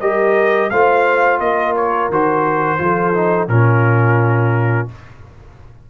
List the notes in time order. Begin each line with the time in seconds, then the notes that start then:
0.00 G3 G4 A#4 D#5
0.69 A3 F4 C5 F5
1.40 A#3 A#4 D#5
1.76 C#5
2.09 D#3 F#4 C5
2.78 F3 F4 A4
3.13 D#4
3.48 A#2 C#4 F4 A#4